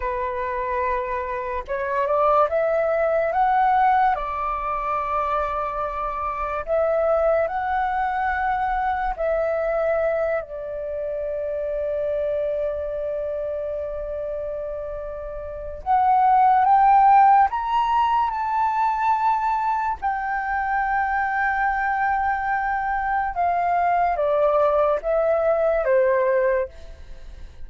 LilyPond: \new Staff \with { instrumentName = "flute" } { \time 4/4 \tempo 4 = 72 b'2 cis''8 d''8 e''4 | fis''4 d''2. | e''4 fis''2 e''4~ | e''8 d''2.~ d''8~ |
d''2. fis''4 | g''4 ais''4 a''2 | g''1 | f''4 d''4 e''4 c''4 | }